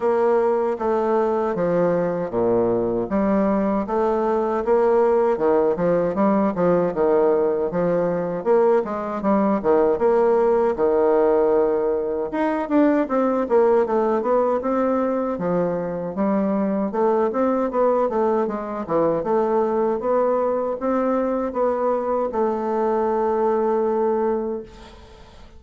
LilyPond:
\new Staff \with { instrumentName = "bassoon" } { \time 4/4 \tempo 4 = 78 ais4 a4 f4 ais,4 | g4 a4 ais4 dis8 f8 | g8 f8 dis4 f4 ais8 gis8 | g8 dis8 ais4 dis2 |
dis'8 d'8 c'8 ais8 a8 b8 c'4 | f4 g4 a8 c'8 b8 a8 | gis8 e8 a4 b4 c'4 | b4 a2. | }